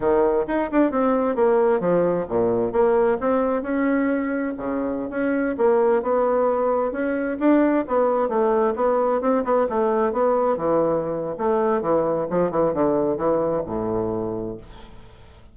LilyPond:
\new Staff \with { instrumentName = "bassoon" } { \time 4/4 \tempo 4 = 132 dis4 dis'8 d'8 c'4 ais4 | f4 ais,4 ais4 c'4 | cis'2 cis4~ cis16 cis'8.~ | cis'16 ais4 b2 cis'8.~ |
cis'16 d'4 b4 a4 b8.~ | b16 c'8 b8 a4 b4 e8.~ | e4 a4 e4 f8 e8 | d4 e4 a,2 | }